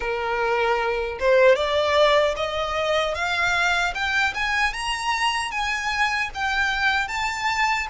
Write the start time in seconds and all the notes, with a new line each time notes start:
0.00 A#4
1.19 C5
1.55 D5
2.36 D#5
3.14 F5
3.94 G5
4.34 G#5
4.73 A#5
5.51 G#5
6.34 G5
7.08 A5